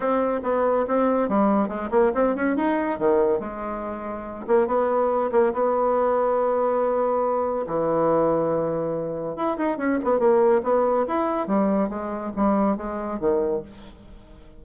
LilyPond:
\new Staff \with { instrumentName = "bassoon" } { \time 4/4 \tempo 4 = 141 c'4 b4 c'4 g4 | gis8 ais8 c'8 cis'8 dis'4 dis4 | gis2~ gis8 ais8 b4~ | b8 ais8 b2.~ |
b2 e2~ | e2 e'8 dis'8 cis'8 b8 | ais4 b4 e'4 g4 | gis4 g4 gis4 dis4 | }